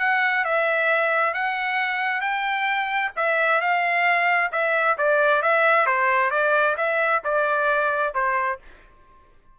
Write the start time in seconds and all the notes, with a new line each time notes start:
0.00 F#5
0.45 E5
1.34 F#5
2.21 G5
3.17 E5
3.62 F5
4.52 E5
4.98 D5
5.43 E5
5.87 C5
6.31 D5
6.78 E5
7.25 D5
8.15 C5